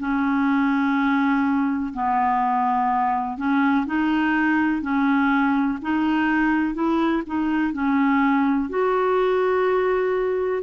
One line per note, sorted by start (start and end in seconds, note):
0.00 1.94 C#4
1.94 3.38 B3
3.38 3.86 C#4
3.87 4.82 D#4
4.82 5.79 C#4
5.82 6.75 D#4
6.75 7.23 E4
7.27 7.73 D#4
7.73 8.70 C#4
8.70 10.63 F#4